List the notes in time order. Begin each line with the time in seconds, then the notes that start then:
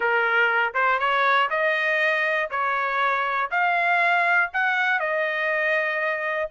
0.00 A#4
0.74 C5
0.99 C#5
1.50 D#5
2.50 C#5
3.50 F5
4.53 F#5
4.99 D#5